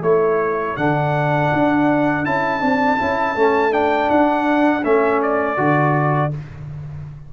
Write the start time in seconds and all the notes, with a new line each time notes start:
0.00 A3 E4 A4 C#5
0.77 D3 D4 F#5
1.53 D4
2.25 C#4 E4 A5
2.60 C4 D4
2.98 C#4 E4
3.35 A3 C#4
3.71 D4 G5
4.10 D4 F#5
4.84 A3 C#4 E5
5.22 D5
5.57 D3 F#4